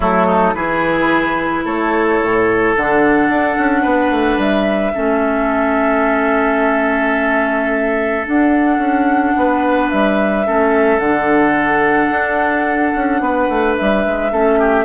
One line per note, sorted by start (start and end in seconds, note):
0.00 0.54 F#3
0.00 0.53 A3
0.00 0.26 E4
0.00 0.54 A4
0.26 0.53 D#4
0.54 1.64 E3
0.54 2.76 E4
0.54 1.65 G#4
0.54 1.65 B4
1.65 2.20 A3
1.65 3.82 A4
1.65 2.75 C#5
2.21 2.76 A2
2.76 3.29 D3
2.76 4.93 D4
2.76 4.40 F#5
3.29 3.56 D4
3.58 3.85 C#4
3.82 4.10 B3
3.82 4.92 B4
4.10 4.37 A3
4.37 4.92 G3
4.37 8.26 E5
4.93 8.27 A3
4.93 8.23 C#4
4.93 9.34 A4
8.25 10.45 D4
8.25 8.78 D4
8.25 9.90 F#5
8.78 9.33 C#4
9.36 9.91 B3
9.36 10.46 B4
9.90 10.47 G3
9.90 10.99 E5
10.45 10.99 A3
10.45 11.00 C#4
10.45 13.21 A4
10.99 12.09 D3
10.99 14.31 D4
10.99 13.74 F#5
12.10 12.92 D4
12.95 13.20 C#4
13.20 13.47 B3
13.20 14.32 B4
13.48 13.76 A3
13.76 14.06 G3
13.76 14.84 E5
14.06 14.32 G#3
14.31 14.84 A3
14.31 14.84 C#4
14.31 14.59 A4
14.59 14.84 G4